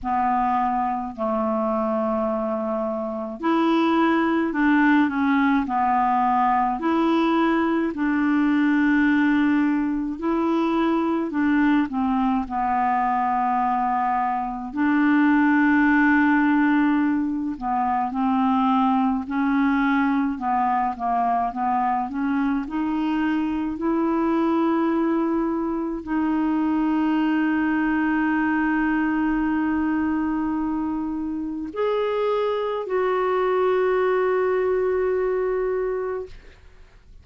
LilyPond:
\new Staff \with { instrumentName = "clarinet" } { \time 4/4 \tempo 4 = 53 b4 a2 e'4 | d'8 cis'8 b4 e'4 d'4~ | d'4 e'4 d'8 c'8 b4~ | b4 d'2~ d'8 b8 |
c'4 cis'4 b8 ais8 b8 cis'8 | dis'4 e'2 dis'4~ | dis'1 | gis'4 fis'2. | }